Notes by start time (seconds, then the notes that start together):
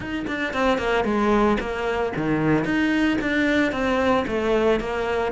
0.00 D#4
0.27 D4
0.53 C4
0.78 A#3
1.04 G#3
1.59 A#3
2.16 D#3
2.64 D#4
3.21 D4
3.72 C4
4.27 A3
4.79 A#3